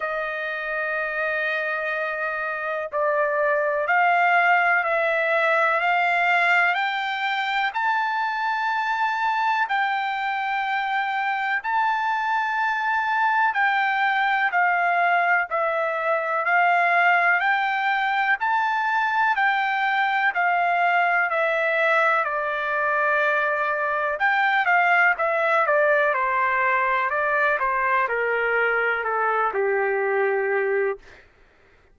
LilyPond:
\new Staff \with { instrumentName = "trumpet" } { \time 4/4 \tempo 4 = 62 dis''2. d''4 | f''4 e''4 f''4 g''4 | a''2 g''2 | a''2 g''4 f''4 |
e''4 f''4 g''4 a''4 | g''4 f''4 e''4 d''4~ | d''4 g''8 f''8 e''8 d''8 c''4 | d''8 c''8 ais'4 a'8 g'4. | }